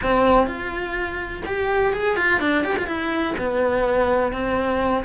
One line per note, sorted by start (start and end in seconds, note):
0.02 0.46 C4
0.46 1.42 F4
1.46 1.93 G4
1.93 2.16 G#4
2.16 2.40 F4
2.40 2.64 D4
2.64 2.76 G4
2.78 2.86 F4
2.86 3.34 E4
3.37 4.32 B3
4.32 5.04 C4